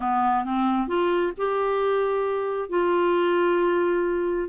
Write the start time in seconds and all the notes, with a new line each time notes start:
0.00 B3
0.44 C4
0.87 F4
1.37 G4
2.69 F4